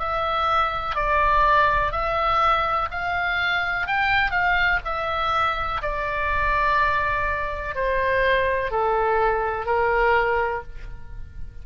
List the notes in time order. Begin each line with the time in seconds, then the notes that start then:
0.00 E5
0.95 D5
1.92 E5
2.92 F5
3.87 G5
4.32 F5
4.85 E5
5.82 D5
7.75 C5
8.71 A4
9.66 A#4